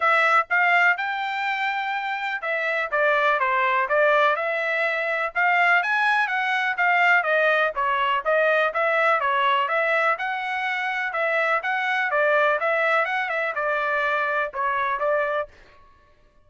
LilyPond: \new Staff \with { instrumentName = "trumpet" } { \time 4/4 \tempo 4 = 124 e''4 f''4 g''2~ | g''4 e''4 d''4 c''4 | d''4 e''2 f''4 | gis''4 fis''4 f''4 dis''4 |
cis''4 dis''4 e''4 cis''4 | e''4 fis''2 e''4 | fis''4 d''4 e''4 fis''8 e''8 | d''2 cis''4 d''4 | }